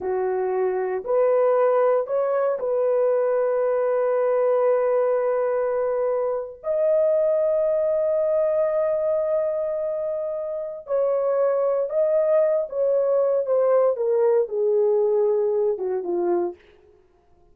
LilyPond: \new Staff \with { instrumentName = "horn" } { \time 4/4 \tempo 4 = 116 fis'2 b'2 | cis''4 b'2.~ | b'1~ | b'8. dis''2.~ dis''16~ |
dis''1~ | dis''4 cis''2 dis''4~ | dis''8 cis''4. c''4 ais'4 | gis'2~ gis'8 fis'8 f'4 | }